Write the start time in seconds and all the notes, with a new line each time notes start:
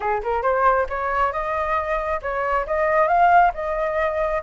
0.00 G#4
0.23 A#4
0.42 C5
0.89 C#5
1.32 D#5
2.22 C#5
2.66 D#5
3.07 F5
3.54 D#5